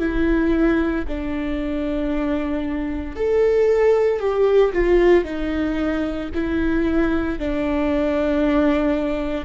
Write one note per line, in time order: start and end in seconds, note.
0.00 1.05 E4
1.08 3.16 D4
3.16 4.20 A4
4.20 4.73 G4
4.73 5.25 F4
5.25 6.30 D#4
6.34 7.39 E4
7.39 9.45 D4